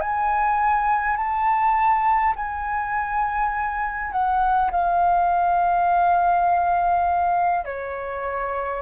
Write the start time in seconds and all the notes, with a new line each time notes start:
0.00 G#5
1.16 A5
2.36 G#5
4.12 F#5
4.71 F5
7.65 C#5